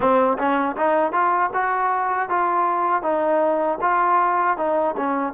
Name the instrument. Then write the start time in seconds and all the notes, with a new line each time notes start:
trombone
0.00 C4
0.38 C#4
0.76 D#4
1.12 F4
1.53 F#4
2.29 F4
3.02 D#4
3.81 F4
4.57 D#4
4.96 C#4